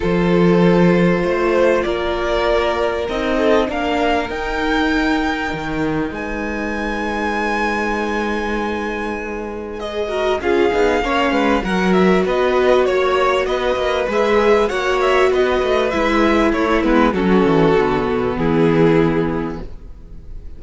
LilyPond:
<<
  \new Staff \with { instrumentName = "violin" } { \time 4/4 \tempo 4 = 98 c''2. d''4~ | d''4 dis''4 f''4 g''4~ | g''2 gis''2~ | gis''1 |
dis''4 f''2 fis''8 e''8 | dis''4 cis''4 dis''4 e''4 | fis''8 e''8 dis''4 e''4 cis''8 b'8 | a'2 gis'2 | }
  \new Staff \with { instrumentName = "violin" } { \time 4/4 a'2 c''4 ais'4~ | ais'4. a'8 ais'2~ | ais'2 b'2~ | b'1~ |
b'8 ais'8 gis'4 cis''8 b'8 ais'4 | b'4 cis''4 b'2 | cis''4 b'2 e'4 | fis'2 e'2 | }
  \new Staff \with { instrumentName = "viola" } { \time 4/4 f'1~ | f'4 dis'4 d'4 dis'4~ | dis'1~ | dis'1 |
gis'8 fis'8 f'8 dis'8 cis'4 fis'4~ | fis'2. gis'4 | fis'2 e'4. b8 | cis'4 b2. | }
  \new Staff \with { instrumentName = "cello" } { \time 4/4 f2 a4 ais4~ | ais4 c'4 ais4 dis'4~ | dis'4 dis4 gis2~ | gis1~ |
gis4 cis'8 b8 ais8 gis8 fis4 | b4 ais4 b8 ais8 gis4 | ais4 b8 a8 gis4 a8 gis8 | fis8 e8 d8 b,8 e2 | }
>>